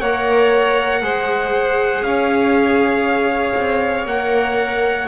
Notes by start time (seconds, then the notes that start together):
0.00 A#3 A#4 C#5 F#5
1.02 G#3 G#4 C5
2.02 C#4 C#5 F5
3.55 C4
4.05 A#3 A#4 F#5